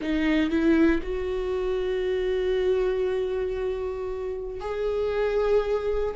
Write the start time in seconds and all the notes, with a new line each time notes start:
0.01 D#4
0.50 E4
1.03 F#4
4.60 G#4